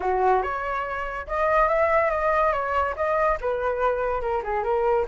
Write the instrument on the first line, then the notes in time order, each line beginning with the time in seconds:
flute
0.00 F#4
0.42 C#5
1.27 D#5
1.68 E5
2.10 D#5
2.52 C#5
2.95 D#5
3.40 B4
4.21 A#4
4.43 G#4
4.63 A#4